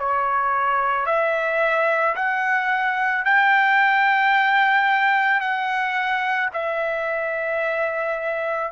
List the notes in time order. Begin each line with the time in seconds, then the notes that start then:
0.00 C#5
1.07 E5
2.16 F#5
3.25 G5
5.41 F#5
6.54 E5